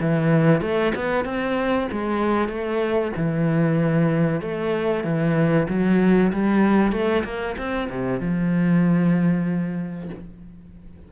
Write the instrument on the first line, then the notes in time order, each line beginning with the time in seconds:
cello
0.00 E3
0.61 A3
0.95 B3
1.25 C4
1.91 G#3
2.48 A3
3.16 E3
4.41 A3
5.04 E3
5.68 F#3
6.32 G3
6.92 A3
7.24 A#3
7.57 C4
7.90 C3
8.20 F3